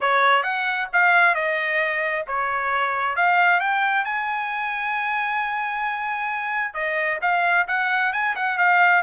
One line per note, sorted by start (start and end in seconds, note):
0.00 0.43 C#5
0.43 0.88 F#5
0.92 1.35 F5
1.35 2.25 D#5
2.27 3.15 C#5
3.15 3.60 F5
3.60 4.04 G5
4.04 6.74 G#5
6.74 7.19 D#5
7.21 7.66 F5
7.67 8.12 F#5
8.12 8.35 G#5
8.35 8.58 F#5
8.58 9.02 F5